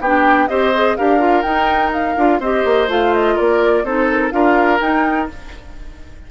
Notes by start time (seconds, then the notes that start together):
0.00 B3 D4 G4 G5
0.48 C4 G4 C5 D#5
0.74 G#4
0.96 D4 G4 A#4 F5
1.19 F4
1.42 D#4 G5
1.93 F5
2.16 D4 F4
2.40 C4 G4 C5 D#5
2.64 A#3
2.88 A3 F4 F5
3.14 D#5
3.35 A#3 A#4 D5
3.83 C4 D#4 A4 C5
4.11 A#4
4.30 D4 F4 A#4 F5
4.80 D#4 G5